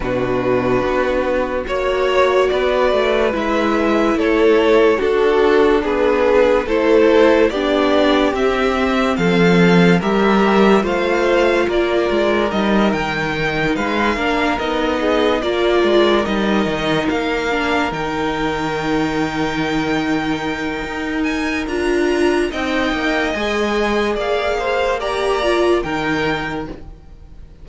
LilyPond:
<<
  \new Staff \with { instrumentName = "violin" } { \time 4/4 \tempo 4 = 72 b'2 cis''4 d''4 | e''4 cis''4 a'4 b'4 | c''4 d''4 e''4 f''4 | e''4 f''4 d''4 dis''8 g''8~ |
g''8 f''4 dis''4 d''4 dis''8~ | dis''8 f''4 g''2~ g''8~ | g''4. gis''8 ais''4 g''4 | gis''4 f''4 ais''4 g''4 | }
  \new Staff \with { instrumentName = "violin" } { \time 4/4 fis'2 cis''4 b'4~ | b'4 a'4 fis'4 gis'4 | a'4 g'2 a'4 | ais'4 c''4 ais'2~ |
ais'8 b'8 ais'4 gis'8 ais'4.~ | ais'1~ | ais'2. dis''4~ | dis''4 d''8 c''8 d''4 ais'4 | }
  \new Staff \with { instrumentName = "viola" } { \time 4/4 d'2 fis'2 | e'2 d'2 | e'4 d'4 c'2 | g'4 f'2 dis'4~ |
dis'4 d'8 dis'4 f'4 dis'8~ | dis'4 d'8 dis'2~ dis'8~ | dis'2 f'4 dis'4 | gis'2 g'8 f'8 dis'4 | }
  \new Staff \with { instrumentName = "cello" } { \time 4/4 b,4 b4 ais4 b8 a8 | gis4 a4 d'4 b4 | a4 b4 c'4 f4 | g4 a4 ais8 gis8 g8 dis8~ |
dis8 gis8 ais8 b4 ais8 gis8 g8 | dis8 ais4 dis2~ dis8~ | dis4 dis'4 d'4 c'8 ais8 | gis4 ais2 dis4 | }
>>